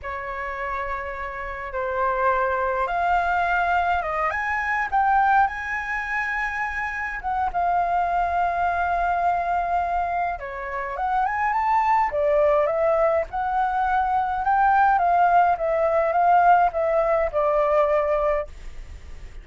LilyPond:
\new Staff \with { instrumentName = "flute" } { \time 4/4 \tempo 4 = 104 cis''2. c''4~ | c''4 f''2 dis''8 gis''8~ | gis''8 g''4 gis''2~ gis''8~ | gis''8 fis''8 f''2.~ |
f''2 cis''4 fis''8 gis''8 | a''4 d''4 e''4 fis''4~ | fis''4 g''4 f''4 e''4 | f''4 e''4 d''2 | }